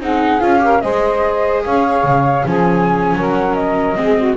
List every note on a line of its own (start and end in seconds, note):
0.00 0.41 C4
0.00 0.41 D#4
0.00 0.62 G#4
0.00 0.40 F#5
0.40 0.83 C#4
0.40 0.59 F4
0.40 0.80 F5
0.59 0.79 G4
0.59 0.83 A#4
0.80 1.64 G#3
0.80 2.45 G#4
0.80 1.64 C5
0.80 1.62 D#5
1.65 2.03 C#4
1.65 2.46 C#5
1.65 2.46 F5
2.03 2.44 C#3
2.45 3.14 F3
2.45 3.95 C#4
2.45 3.17 G#4
2.45 3.27 G#5
3.14 3.96 F#3
3.14 3.98 A#4
3.28 3.54 F#5
3.54 4.35 D#5
3.95 4.37 G#3
3.95 4.35 C4
3.95 4.18 G#4
4.18 4.37 F#4